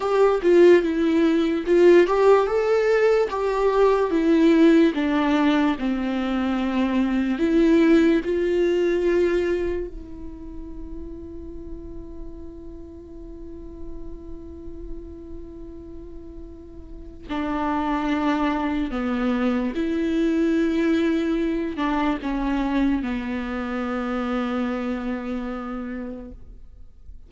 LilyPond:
\new Staff \with { instrumentName = "viola" } { \time 4/4 \tempo 4 = 73 g'8 f'8 e'4 f'8 g'8 a'4 | g'4 e'4 d'4 c'4~ | c'4 e'4 f'2 | e'1~ |
e'1~ | e'4 d'2 b4 | e'2~ e'8 d'8 cis'4 | b1 | }